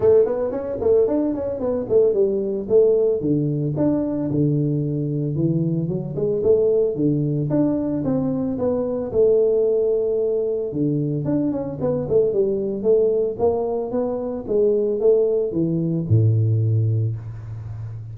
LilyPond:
\new Staff \with { instrumentName = "tuba" } { \time 4/4 \tempo 4 = 112 a8 b8 cis'8 a8 d'8 cis'8 b8 a8 | g4 a4 d4 d'4 | d2 e4 fis8 gis8 | a4 d4 d'4 c'4 |
b4 a2. | d4 d'8 cis'8 b8 a8 g4 | a4 ais4 b4 gis4 | a4 e4 a,2 | }